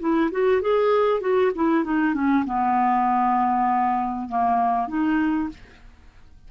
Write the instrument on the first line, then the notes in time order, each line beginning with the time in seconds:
clarinet
0.00 E4
0.32 F#4
0.62 G#4
1.21 F#4
1.56 E4
1.85 D#4
2.15 C#4
2.46 B3
4.29 A#3
4.88 D#4